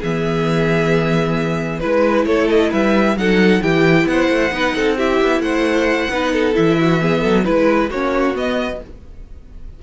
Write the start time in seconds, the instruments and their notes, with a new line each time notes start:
0.00 cello E3, viola B3, violin G#4 E5
1.80 cello G#3, viola E4, violin B4
2.26 cello A3, violin A4 C#5
2.50 violin D#5
2.71 cello G3, violin B4 E5
3.16 cello F#3, viola D#4, violin A4 F#5
3.61 cello E3, viola E4, violin G4 G5
4.06 cello B3, violin C5 F#5
4.30 cello A3
4.51 cello B3, viola D#4, violin B4
4.76 cello C4, violin A4
4.98 viola E4, violin G4 E5
5.22 cello B3
5.40 cello A3, violin C5 F#5
6.10 cello B3, viola D#4, violin B4
6.33 violin A4
6.54 cello E3, viola E4, violin E5
6.80 violin F#4
7.02 viola B3, violin G#4
7.21 cello F#3, violin A4
7.45 cello G#3, viola E4, violin B4
7.90 cello A#3, viola C#4, violin F#4 C#5
8.35 viola B3, cello B3, violin D#5